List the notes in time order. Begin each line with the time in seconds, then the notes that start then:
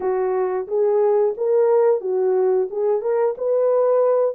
0.00 F#4
0.67 G#4
1.37 A#4
2.00 F#4
2.70 G#4
3.01 A#4
3.37 B4